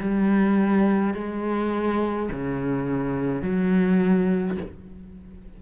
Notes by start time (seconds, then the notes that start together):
0.00 G3
1.14 G#3
2.32 C#3
3.42 F#3